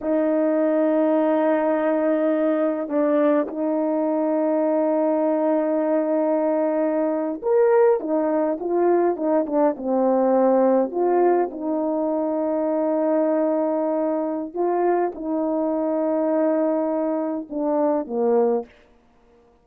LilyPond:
\new Staff \with { instrumentName = "horn" } { \time 4/4 \tempo 4 = 103 dis'1~ | dis'4 d'4 dis'2~ | dis'1~ | dis'8. ais'4 dis'4 f'4 dis'16~ |
dis'16 d'8 c'2 f'4 dis'16~ | dis'1~ | dis'4 f'4 dis'2~ | dis'2 d'4 ais4 | }